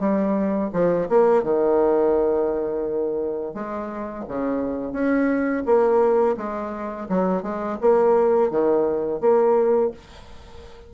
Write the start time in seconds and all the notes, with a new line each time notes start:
0.00 G3
0.73 F3
1.09 A#3
1.43 D#3
3.55 G#3
4.28 C#3
4.93 C#4
5.66 A#3
6.38 G#3
7.09 F#3
7.43 G#3
7.81 A#3
8.51 D#3
9.21 A#3